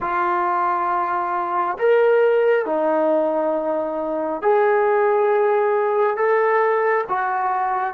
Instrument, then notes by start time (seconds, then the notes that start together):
trombone
0.00 F4
1.78 A#4
2.65 D#4
4.42 G#4
6.16 A4
7.08 F#4